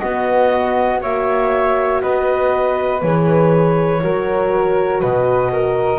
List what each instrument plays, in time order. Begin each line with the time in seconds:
0.00 horn B3, double bass B3, flute F#4, clarinet D#5
1.02 double bass A#3, horn F#4, flute C#5, clarinet E5
2.02 double bass B3, flute B4, clarinet D#5
3.02 double bass E3, horn G#4, clarinet C#5
4.01 double bass F#3, horn F#4, flute A#4
5.01 double bass B2, flute B4, clarinet D#5
5.53 flute A#4